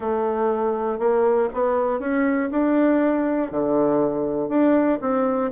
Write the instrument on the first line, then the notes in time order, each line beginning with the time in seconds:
bassoon
0.00 A3
0.98 A#3
1.53 B3
1.99 C#4
2.51 D4
3.51 D3
4.48 D4
5.01 C4